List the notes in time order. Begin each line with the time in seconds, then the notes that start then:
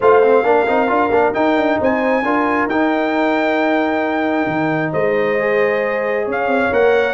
0.00 A3 F4 C5 F5
0.22 C4
0.43 A#3 D4 A#4
0.67 C4 D#4
0.87 D4 F4
1.10 A#3 D4
1.33 D#4 G5
1.55 D4
1.80 C4 C5 G#5
2.22 D4 F4 A#4
2.66 D#4 G5
4.46 D#3
4.91 G#3 C5 D#5
5.38 G#4
6.25 C#4 C#5
6.31 F5
6.47 C4
6.72 A#3 A#4 F#5